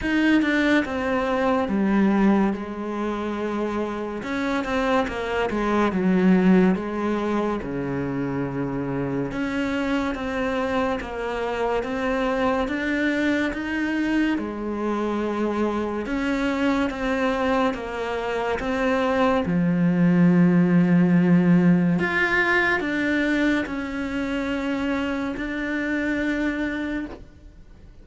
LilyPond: \new Staff \with { instrumentName = "cello" } { \time 4/4 \tempo 4 = 71 dis'8 d'8 c'4 g4 gis4~ | gis4 cis'8 c'8 ais8 gis8 fis4 | gis4 cis2 cis'4 | c'4 ais4 c'4 d'4 |
dis'4 gis2 cis'4 | c'4 ais4 c'4 f4~ | f2 f'4 d'4 | cis'2 d'2 | }